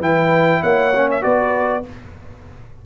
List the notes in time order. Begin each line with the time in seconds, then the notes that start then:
0.00 E3 E4 B4 G5
0.62 A#3 C#5 F#5
0.96 C#4
1.11 E5
1.22 B3 F#4 B4 D5